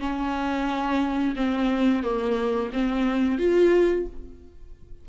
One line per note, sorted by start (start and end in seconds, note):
0.00 1.35 C#4
1.36 2.03 C4
2.03 2.71 A#3
2.73 3.38 C4
3.38 4.06 F4